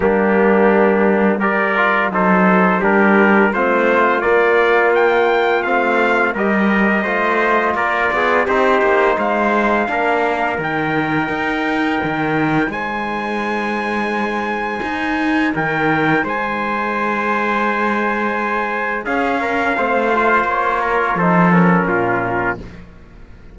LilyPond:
<<
  \new Staff \with { instrumentName = "trumpet" } { \time 4/4 \tempo 4 = 85 g'2 d''4 c''4 | ais'4 c''4 d''4 g''4 | f''4 dis''2 d''4 | c''4 f''2 g''4~ |
g''2 gis''2~ | gis''2 g''4 gis''4~ | gis''2. f''4~ | f''4 cis''4 c''8 ais'4. | }
  \new Staff \with { instrumentName = "trumpet" } { \time 4/4 d'2 ais'4 a'4 | g'4 f'2.~ | f'4 ais'4 c''4 ais'8 gis'8 | g'4 c''4 ais'2~ |
ais'2 c''2~ | c''2 ais'4 c''4~ | c''2. gis'8 ais'8 | c''4. ais'8 a'4 f'4 | }
  \new Staff \with { instrumentName = "trombone" } { \time 4/4 ais2 g'8 f'8 dis'4 | d'4 c'4 ais2 | c'4 g'4 f'2 | dis'2 d'4 dis'4~ |
dis'1~ | dis'1~ | dis'2. cis'4 | c'8 f'4. dis'8 cis'4. | }
  \new Staff \with { instrumentName = "cello" } { \time 4/4 g2. fis4 | g4 a4 ais2 | a4 g4 a4 ais8 b8 | c'8 ais8 gis4 ais4 dis4 |
dis'4 dis4 gis2~ | gis4 dis'4 dis4 gis4~ | gis2. cis'4 | a4 ais4 f4 ais,4 | }
>>